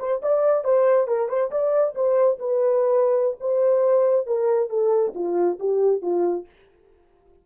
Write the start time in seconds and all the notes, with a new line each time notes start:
0.00 C5
0.22 D5
0.65 C5
1.08 A#4
1.29 C5
1.51 D5
1.95 C5
2.39 B4
3.41 C5
4.27 A#4
4.70 A4
5.15 F4
5.60 G4
6.02 F4